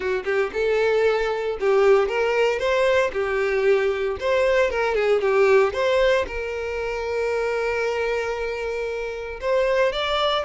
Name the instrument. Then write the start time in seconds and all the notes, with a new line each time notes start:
violin
0.00 F#4
0.24 G4
0.53 A4
1.60 G4
2.08 A#4
2.59 C5
3.13 G4
4.20 C5
4.70 A#4
4.94 G#4
5.21 G4
5.73 C5
6.27 A#4
9.40 C5
9.92 D5